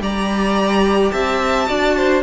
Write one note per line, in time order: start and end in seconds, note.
0.00 1.11 G3
0.00 1.67 G4
0.00 1.13 D5
0.00 1.11 A#5
1.11 1.69 C4
1.11 1.68 E5
1.11 2.22 A5
1.67 2.23 D4
1.67 2.22 F#4
1.67 1.96 D5
1.96 2.23 C5